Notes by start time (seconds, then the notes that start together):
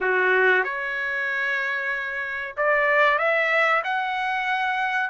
0.00 F#4
0.64 C#5
2.56 D5
3.18 E5
3.84 F#5